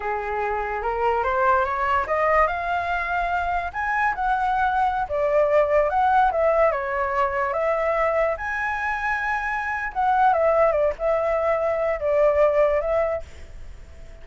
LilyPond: \new Staff \with { instrumentName = "flute" } { \time 4/4 \tempo 4 = 145 gis'2 ais'4 c''4 | cis''4 dis''4 f''2~ | f''4 gis''4 fis''2~ | fis''16 d''2 fis''4 e''8.~ |
e''16 cis''2 e''4.~ e''16~ | e''16 gis''2.~ gis''8. | fis''4 e''4 d''8 e''4.~ | e''4 d''2 e''4 | }